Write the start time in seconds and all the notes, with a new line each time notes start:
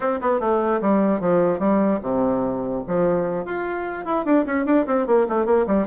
0.00 C4
0.21 B3
0.39 A3
0.81 G3
1.20 F3
1.59 G3
2.02 C3
2.87 F3
3.45 F4
4.05 E4
4.25 D4
4.45 C#4
4.65 D4
4.86 C4
5.06 A#3
5.28 A3
5.45 A#3
5.66 G3